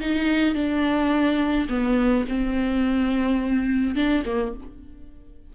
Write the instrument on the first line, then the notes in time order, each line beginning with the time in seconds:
viola
0.00 D#4
0.55 D4
1.69 B3
2.28 C4
3.95 D4
4.25 A#3